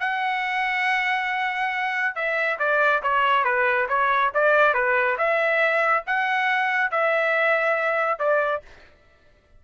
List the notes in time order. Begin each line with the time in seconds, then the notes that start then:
0.00 F#5
2.15 E5
2.59 D5
3.03 C#5
3.44 B4
3.89 C#5
4.34 D5
4.74 B4
5.18 E5
6.07 F#5
6.91 E5
8.19 D5